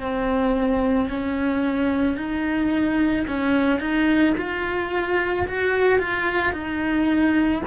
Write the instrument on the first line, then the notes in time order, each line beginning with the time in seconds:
cello
0.00 C4
1.09 C#4
2.17 D#4
3.27 C#4
3.80 D#4
4.37 F4
5.47 F#4
5.99 F4
6.53 D#4